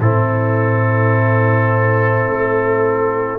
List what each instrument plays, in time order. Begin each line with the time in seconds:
0.00 tuba A2, trombone C4, trumpet E4 A4
2.29 tuba A3